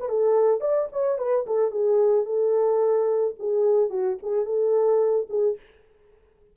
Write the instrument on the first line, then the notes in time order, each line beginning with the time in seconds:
horn
0.00 B4
0.09 A4
0.61 D5
0.92 C#5
1.19 B4
1.47 A4
1.71 G#4
2.26 A4
3.39 G#4
3.90 F#4
4.23 G#4
4.46 A4
5.30 G#4